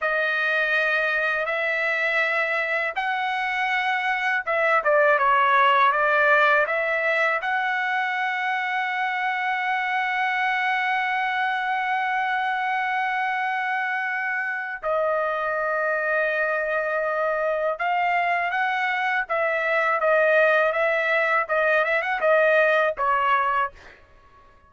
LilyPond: \new Staff \with { instrumentName = "trumpet" } { \time 4/4 \tempo 4 = 81 dis''2 e''2 | fis''2 e''8 d''8 cis''4 | d''4 e''4 fis''2~ | fis''1~ |
fis''1 | dis''1 | f''4 fis''4 e''4 dis''4 | e''4 dis''8 e''16 fis''16 dis''4 cis''4 | }